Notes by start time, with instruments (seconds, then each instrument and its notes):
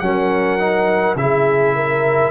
0.00 tuba F#3, trombone C#4, horn A#4, trumpet F#5
0.59 trombone D#4
1.15 tuba C#3, trombone E4, trumpet E5
1.22 horn G#4
1.75 horn A#4